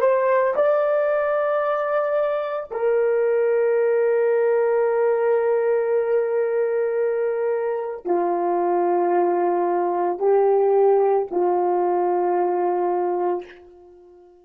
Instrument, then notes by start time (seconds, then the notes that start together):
horn
0.00 C5
0.56 D5
2.71 A#4
8.05 F4
10.19 G4
11.30 F4